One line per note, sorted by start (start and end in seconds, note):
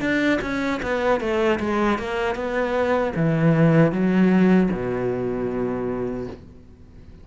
0.00 0.39 D4
0.41 0.80 C#4
0.82 1.20 B3
1.20 1.59 A3
1.59 1.98 G#3
1.98 2.35 A#3
2.35 3.13 B3
3.15 3.91 E3
3.91 4.69 F#3
4.71 6.27 B2